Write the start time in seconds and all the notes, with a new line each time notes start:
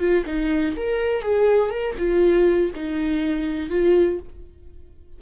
0.00 F4
0.26 D#4
0.77 A#4
1.22 G#4
1.71 A#4
1.98 F4
2.75 D#4
3.70 F4